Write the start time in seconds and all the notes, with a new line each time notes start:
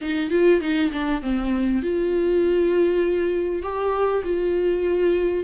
0.01 D#4
0.30 F4
0.61 D#4
0.91 D4
1.21 C4
1.82 F4
3.62 G4
4.24 F4